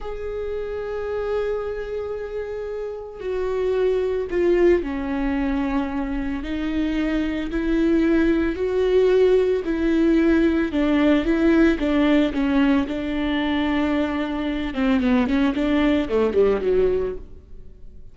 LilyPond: \new Staff \with { instrumentName = "viola" } { \time 4/4 \tempo 4 = 112 gis'1~ | gis'2 fis'2 | f'4 cis'2. | dis'2 e'2 |
fis'2 e'2 | d'4 e'4 d'4 cis'4 | d'2.~ d'8 c'8 | b8 cis'8 d'4 a8 g8 fis4 | }